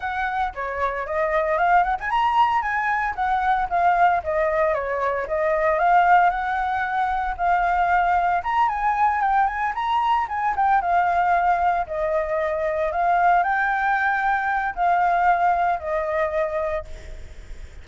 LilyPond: \new Staff \with { instrumentName = "flute" } { \time 4/4 \tempo 4 = 114 fis''4 cis''4 dis''4 f''8 fis''16 gis''16 | ais''4 gis''4 fis''4 f''4 | dis''4 cis''4 dis''4 f''4 | fis''2 f''2 |
ais''8 gis''4 g''8 gis''8 ais''4 gis''8 | g''8 f''2 dis''4.~ | dis''8 f''4 g''2~ g''8 | f''2 dis''2 | }